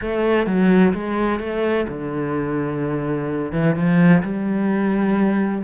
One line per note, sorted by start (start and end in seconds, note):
0.01 0.46 A3
0.46 0.93 F#3
0.93 1.39 G#3
1.39 1.86 A3
1.88 3.52 D3
3.52 3.75 E3
3.75 4.22 F3
4.22 5.63 G3